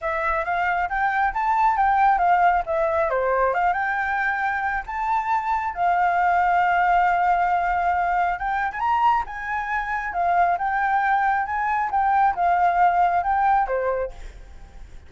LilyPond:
\new Staff \with { instrumentName = "flute" } { \time 4/4 \tempo 4 = 136 e''4 f''4 g''4 a''4 | g''4 f''4 e''4 c''4 | f''8 g''2~ g''8 a''4~ | a''4 f''2.~ |
f''2. g''8. gis''16 | ais''4 gis''2 f''4 | g''2 gis''4 g''4 | f''2 g''4 c''4 | }